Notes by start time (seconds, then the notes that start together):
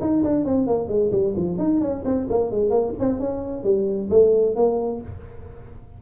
0.00 D#4
0.23 D4
0.44 C4
0.66 A#3
0.88 G#3
1.11 G3
1.36 F3
1.58 D#4
1.80 C#4
2.04 C4
2.29 A#3
2.51 G#3
2.70 A#3
2.99 C4
3.19 C#4
3.63 G3
4.10 A3
4.55 A#3